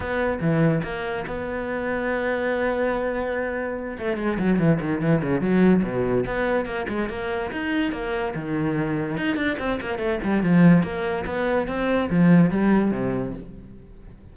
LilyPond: \new Staff \with { instrumentName = "cello" } { \time 4/4 \tempo 4 = 144 b4 e4 ais4 b4~ | b1~ | b4. a8 gis8 fis8 e8 dis8 | e8 cis8 fis4 b,4 b4 |
ais8 gis8 ais4 dis'4 ais4 | dis2 dis'8 d'8 c'8 ais8 | a8 g8 f4 ais4 b4 | c'4 f4 g4 c4 | }